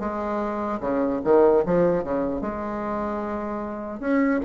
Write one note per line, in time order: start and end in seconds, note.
0.00 0.80 G#3
0.80 1.20 C#3
1.24 1.64 D#3
1.66 2.04 F3
2.04 2.41 C#3
2.41 4.00 G#3
4.00 4.40 C#4